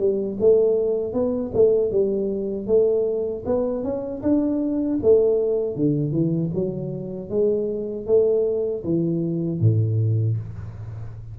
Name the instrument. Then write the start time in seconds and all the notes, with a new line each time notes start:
tuba
0.00 G3
0.41 A3
1.14 B3
1.55 A3
1.92 G3
2.67 A3
3.46 B3
3.84 C#4
4.23 D4
5.03 A3
5.76 D3
6.13 E3
6.55 F#3
7.30 G#3
8.07 A3
8.85 E3
9.61 A2